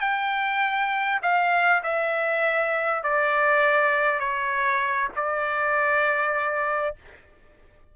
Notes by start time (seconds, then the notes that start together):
0.00 G5
1.22 F5
1.83 E5
3.03 D5
4.19 C#5
5.15 D5